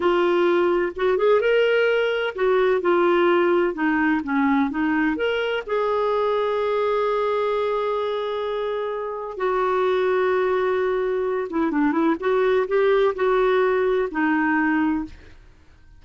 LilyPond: \new Staff \with { instrumentName = "clarinet" } { \time 4/4 \tempo 4 = 128 f'2 fis'8 gis'8 ais'4~ | ais'4 fis'4 f'2 | dis'4 cis'4 dis'4 ais'4 | gis'1~ |
gis'1 | fis'1~ | fis'8 e'8 d'8 e'8 fis'4 g'4 | fis'2 dis'2 | }